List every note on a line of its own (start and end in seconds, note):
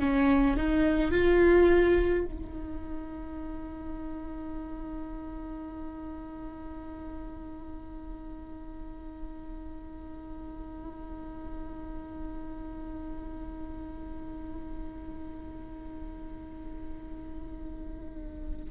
0.00 0.57 C#4
0.57 1.12 D#4
1.12 2.26 F4
2.26 18.70 D#4